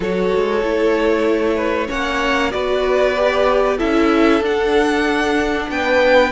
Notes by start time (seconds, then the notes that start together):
0.00 F#3 F#4 A4 C#5
0.35 G#3
0.62 A3 E4
1.55 B4
1.87 A#3 C#4 C#5 F#5
2.50 B3 F#4 B4 D5
3.16 G4
3.77 C#4 E4 A4 E5
4.40 D4 F#5
5.69 B3 B4 G5